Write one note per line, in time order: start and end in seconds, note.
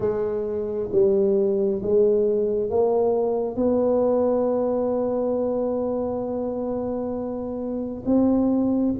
0.00 0.90 G#3
0.92 1.82 G3
1.82 2.69 G#3
2.69 3.55 A#3
3.55 8.03 B3
8.05 8.95 C4